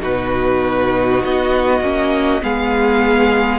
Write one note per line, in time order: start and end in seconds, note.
0.00 1.24 B2
0.00 1.80 D#4
0.00 2.42 F#4
0.00 1.23 B4
1.24 1.81 B3
1.24 2.43 D#5
1.81 2.41 A#3
1.81 2.42 C#4
2.42 3.59 G#3
2.42 3.59 B3
2.42 3.59 G#4
2.42 3.59 F5